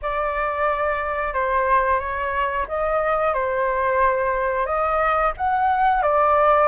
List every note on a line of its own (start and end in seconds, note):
0.02 1.33 D5
1.33 1.99 C5
1.99 2.66 C#5
2.68 3.33 D#5
3.33 4.65 C5
4.65 5.32 D#5
5.37 6.02 F#5
6.02 6.68 D5